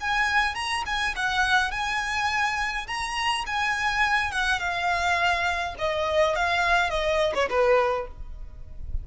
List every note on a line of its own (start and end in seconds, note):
0.00 0.55 G#5
0.55 0.83 A#5
0.85 1.14 G#5
1.15 1.71 F#5
1.71 2.86 G#5
2.87 3.45 A#5
3.46 4.31 G#5
4.31 4.59 F#5
4.59 5.74 F5
5.78 6.35 D#5
6.35 6.89 F5
6.89 7.33 D#5
7.34 7.48 C#5
7.49 8.07 B4